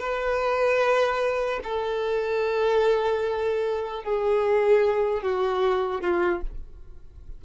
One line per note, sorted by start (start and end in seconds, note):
0.00 1.60 B4
1.64 4.04 A4
4.04 5.23 G#4
5.23 6.01 F#4
6.01 6.41 F4